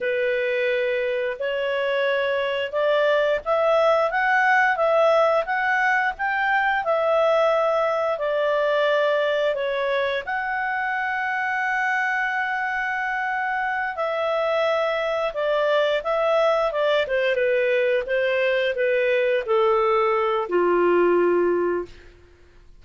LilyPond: \new Staff \with { instrumentName = "clarinet" } { \time 4/4 \tempo 4 = 88 b'2 cis''2 | d''4 e''4 fis''4 e''4 | fis''4 g''4 e''2 | d''2 cis''4 fis''4~ |
fis''1~ | fis''8 e''2 d''4 e''8~ | e''8 d''8 c''8 b'4 c''4 b'8~ | b'8 a'4. f'2 | }